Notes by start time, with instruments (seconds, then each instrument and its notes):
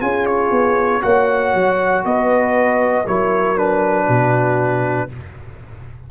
0.00 tuba C#4, trombone F4, horn G#4, trumpet G#5
0.26 trumpet C#5
0.51 tuba B3
1.01 tuba A#3, trombone F#4, horn C#5, trumpet F#5
1.54 tuba F#3
2.04 tuba B3, horn B4, trumpet D#5
3.07 tuba F#3, trombone E4, horn A#4, trumpet C#5
3.56 trombone D4, trumpet B4
4.06 tuba B2, horn F#4